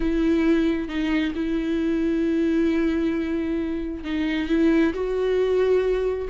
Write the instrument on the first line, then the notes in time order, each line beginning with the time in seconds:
viola
0.00 E4
0.88 D#4
1.35 E4
4.04 D#4
4.48 E4
4.93 F#4